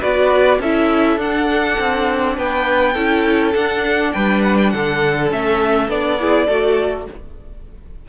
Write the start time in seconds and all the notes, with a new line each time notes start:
0.00 B3 F#4 B4 D5
0.59 C#4 E4 A4 E5
1.17 D4 F#5
1.79 C4
2.38 B3 B4 G5
2.94 C#4 E4 A4
3.54 D4 F#5
4.13 G3 B4 G5
4.42 F#5
4.58 G5
4.70 D3 A4 F#5
5.30 A3 C#4 E5
5.88 B3 D4 D5
6.20 E4 G#4
6.47 A3 F#4 A4